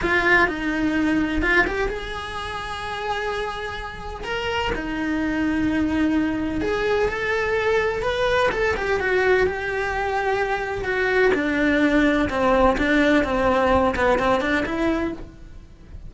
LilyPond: \new Staff \with { instrumentName = "cello" } { \time 4/4 \tempo 4 = 127 f'4 dis'2 f'8 g'8 | gis'1~ | gis'4 ais'4 dis'2~ | dis'2 gis'4 a'4~ |
a'4 b'4 a'8 g'8 fis'4 | g'2. fis'4 | d'2 c'4 d'4 | c'4. b8 c'8 d'8 e'4 | }